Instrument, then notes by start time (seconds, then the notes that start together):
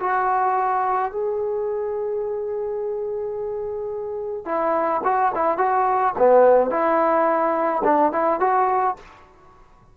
trombone
0.00 F#4
1.12 G#4
4.45 E4
5.04 F#4
5.34 E4
5.57 F#4
6.18 B3
6.70 E4
7.84 D4
8.12 E4
8.40 F#4